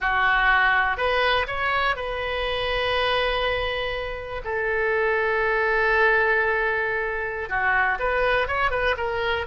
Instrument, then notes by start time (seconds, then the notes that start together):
oboe
0.00 F#4
0.97 B4
1.47 C#5
1.96 B4
4.44 A4
7.49 F#4
7.99 B4
8.47 C#5
8.70 B4
8.97 A#4